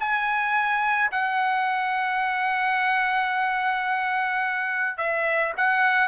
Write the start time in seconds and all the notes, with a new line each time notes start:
0.00 G#5
1.12 F#5
4.98 E5
5.57 F#5